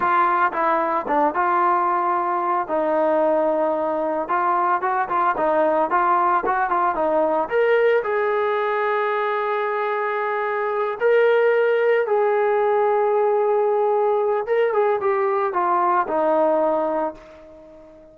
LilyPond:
\new Staff \with { instrumentName = "trombone" } { \time 4/4 \tempo 4 = 112 f'4 e'4 d'8 f'4.~ | f'4 dis'2. | f'4 fis'8 f'8 dis'4 f'4 | fis'8 f'8 dis'4 ais'4 gis'4~ |
gis'1~ | gis'8 ais'2 gis'4.~ | gis'2. ais'8 gis'8 | g'4 f'4 dis'2 | }